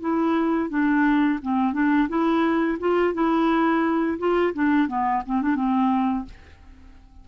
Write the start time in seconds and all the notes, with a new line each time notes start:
0.00 E4
0.69 D4
1.42 C4
1.73 D4
2.09 E4
2.79 F4
3.14 E4
4.19 F4
4.54 D4
4.88 B3
5.25 C4
5.42 D4
5.55 C4